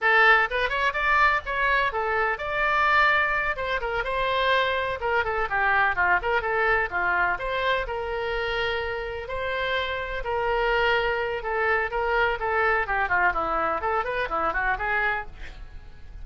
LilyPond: \new Staff \with { instrumentName = "oboe" } { \time 4/4 \tempo 4 = 126 a'4 b'8 cis''8 d''4 cis''4 | a'4 d''2~ d''8 c''8 | ais'8 c''2 ais'8 a'8 g'8~ | g'8 f'8 ais'8 a'4 f'4 c''8~ |
c''8 ais'2. c''8~ | c''4. ais'2~ ais'8 | a'4 ais'4 a'4 g'8 f'8 | e'4 a'8 b'8 e'8 fis'8 gis'4 | }